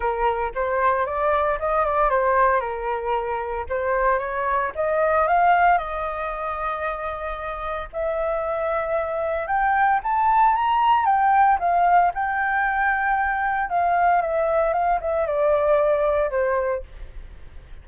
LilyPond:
\new Staff \with { instrumentName = "flute" } { \time 4/4 \tempo 4 = 114 ais'4 c''4 d''4 dis''8 d''8 | c''4 ais'2 c''4 | cis''4 dis''4 f''4 dis''4~ | dis''2. e''4~ |
e''2 g''4 a''4 | ais''4 g''4 f''4 g''4~ | g''2 f''4 e''4 | f''8 e''8 d''2 c''4 | }